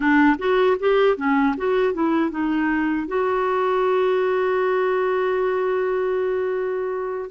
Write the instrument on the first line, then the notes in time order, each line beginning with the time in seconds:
clarinet
0.00 D4
0.38 F#4
0.79 G4
1.16 C#4
1.57 F#4
1.93 E4
2.30 D#4
3.07 F#4